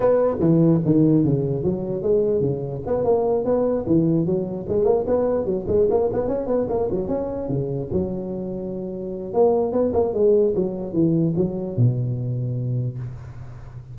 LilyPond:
\new Staff \with { instrumentName = "tuba" } { \time 4/4 \tempo 4 = 148 b4 e4 dis4 cis4 | fis4 gis4 cis4 b8 ais8~ | ais8 b4 e4 fis4 gis8 | ais8 b4 fis8 gis8 ais8 b8 cis'8 |
b8 ais8 fis8 cis'4 cis4 fis8~ | fis2. ais4 | b8 ais8 gis4 fis4 e4 | fis4 b,2. | }